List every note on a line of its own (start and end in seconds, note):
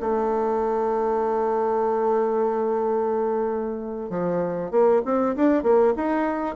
0.00 4.10 A3
4.10 4.71 F3
4.71 5.02 A#3
5.05 5.35 C4
5.36 5.63 D4
5.63 5.93 A#3
5.96 6.55 D#4